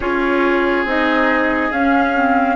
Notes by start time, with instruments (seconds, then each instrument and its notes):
0.00 bassoon C#4, clarinet F4, oboe G#4, flute C#5
0.84 bassoon C4, clarinet D#4, flute D#5
1.71 bassoon C#4, clarinet C#4, flute F5
2.15 clarinet C4